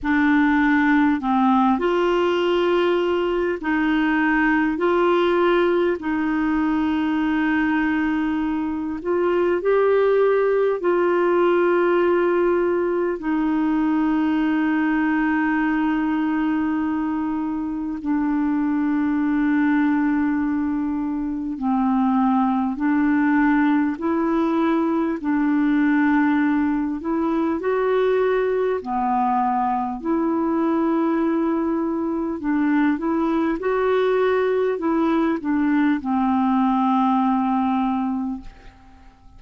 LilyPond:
\new Staff \with { instrumentName = "clarinet" } { \time 4/4 \tempo 4 = 50 d'4 c'8 f'4. dis'4 | f'4 dis'2~ dis'8 f'8 | g'4 f'2 dis'4~ | dis'2. d'4~ |
d'2 c'4 d'4 | e'4 d'4. e'8 fis'4 | b4 e'2 d'8 e'8 | fis'4 e'8 d'8 c'2 | }